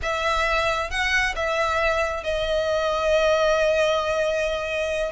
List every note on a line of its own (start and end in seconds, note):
0.02 0.90 E5
0.90 1.34 F#5
1.35 2.23 E5
2.23 5.11 D#5